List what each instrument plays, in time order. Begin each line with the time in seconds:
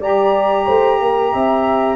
0.00 tuba G3, saxophone G4, horn D5, flute A#5
0.66 tuba A3, horn C5
1.01 tuba A#3, horn A#4
1.33 tuba C4, horn E5